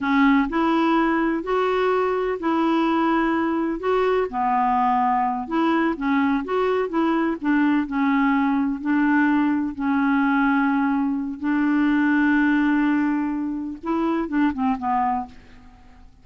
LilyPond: \new Staff \with { instrumentName = "clarinet" } { \time 4/4 \tempo 4 = 126 cis'4 e'2 fis'4~ | fis'4 e'2. | fis'4 b2~ b8 e'8~ | e'8 cis'4 fis'4 e'4 d'8~ |
d'8 cis'2 d'4.~ | d'8 cis'2.~ cis'8 | d'1~ | d'4 e'4 d'8 c'8 b4 | }